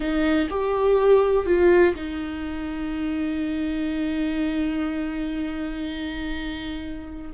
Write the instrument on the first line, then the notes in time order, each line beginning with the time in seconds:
viola
0.00 D#4
0.50 G4
1.46 F4
1.95 D#4